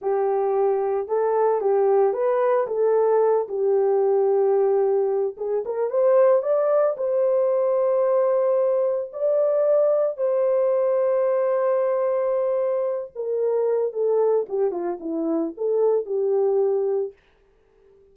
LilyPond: \new Staff \with { instrumentName = "horn" } { \time 4/4 \tempo 4 = 112 g'2 a'4 g'4 | b'4 a'4. g'4.~ | g'2 gis'8 ais'8 c''4 | d''4 c''2.~ |
c''4 d''2 c''4~ | c''1~ | c''8 ais'4. a'4 g'8 f'8 | e'4 a'4 g'2 | }